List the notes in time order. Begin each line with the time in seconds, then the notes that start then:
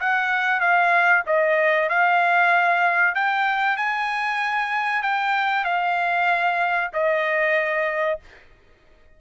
0.00 F#5
0.60 F5
1.26 D#5
1.89 F5
3.15 G5
3.77 G#5
5.02 G5
5.64 F5
6.93 D#5